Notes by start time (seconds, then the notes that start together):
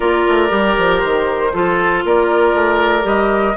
0.00 A#3 F4 A#4 D5
0.28 A3
0.49 G3 G4
0.77 F3
0.98 D#3 C5
1.53 F3 F4 A4
2.04 A#3 A#4 D5
2.54 A3
3.02 G3 G4 D#5